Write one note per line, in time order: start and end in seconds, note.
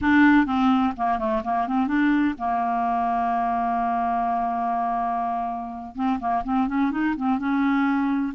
0.01 0.45 D4
0.45 0.93 C4
0.96 1.18 A#3
1.18 1.42 A3
1.44 1.67 A#3
1.67 1.87 C4
1.87 2.34 D4
2.38 5.95 A#3
5.95 6.19 C4
6.19 6.43 A#3
6.44 6.67 C4
6.67 6.91 C#4
6.91 7.15 D#4
7.16 7.38 C4
7.38 8.33 C#4